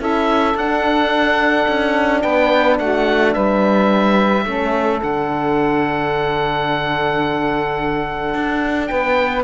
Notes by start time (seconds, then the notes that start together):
0.00 C#4 E4 A4 E5
0.55 D4 F#5
1.68 C#4
2.22 B3 B4 G5
2.79 A3 F#4 F#5
3.33 G3 B4 E5
4.45 A3 C#4 A4
5.02 D3 D4 F#5
8.35 D4
8.87 B3 B4 G5